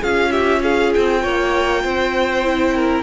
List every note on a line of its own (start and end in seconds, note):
0.00 0.95 C#4
0.00 2.44 F4
0.00 0.30 G#4
0.00 0.32 F5
0.31 0.62 G4
0.31 0.62 E5
0.63 1.22 G#4
0.63 0.93 F5
0.94 1.24 C4
0.94 3.03 G5
1.22 1.84 A#3
1.22 1.83 C#5
1.83 3.03 C4
1.83 2.74 C5
2.44 3.03 E4
2.74 3.03 A#4